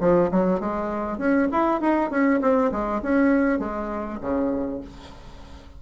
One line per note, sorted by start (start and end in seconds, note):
0.00 0.30 F3
0.31 0.60 F#3
0.60 1.18 G#3
1.18 1.48 C#4
1.52 1.81 E4
1.81 2.11 D#4
2.11 2.41 C#4
2.41 2.71 C4
2.72 3.02 G#3
3.03 3.59 C#4
3.59 4.19 G#3
4.21 4.81 C#3